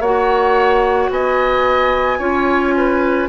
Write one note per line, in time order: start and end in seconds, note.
0.00 1.09 A#3
0.00 2.20 F#4
0.00 1.10 C#5
0.00 1.11 F#5
1.10 2.19 B3
1.10 2.19 D#5
1.10 3.30 G#5
2.19 3.28 C#4
2.19 3.29 F4
2.19 2.74 C#5
2.77 3.30 B4